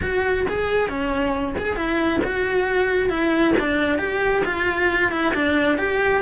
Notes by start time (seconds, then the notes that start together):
0.02 F#4
0.48 G#4
0.88 C#4
1.58 G#4
1.76 E4
2.23 F#4
3.09 E4
3.59 D4
3.98 G4
4.44 F4
5.11 E4
5.34 D4
5.78 G4